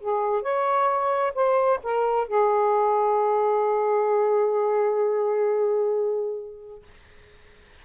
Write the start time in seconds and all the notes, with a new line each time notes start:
0.00 G#4
0.42 C#5
1.34 C5
1.83 A#4
2.28 G#4